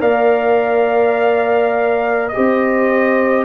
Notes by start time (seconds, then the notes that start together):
0.00 A#3 A#4 D5 F5
2.28 G4 C5 D#5
2.37 C4